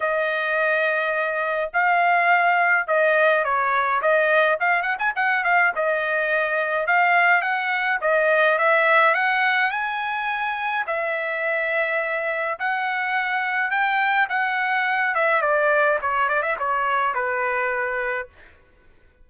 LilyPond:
\new Staff \with { instrumentName = "trumpet" } { \time 4/4 \tempo 4 = 105 dis''2. f''4~ | f''4 dis''4 cis''4 dis''4 | f''8 fis''16 gis''16 fis''8 f''8 dis''2 | f''4 fis''4 dis''4 e''4 |
fis''4 gis''2 e''4~ | e''2 fis''2 | g''4 fis''4. e''8 d''4 | cis''8 d''16 e''16 cis''4 b'2 | }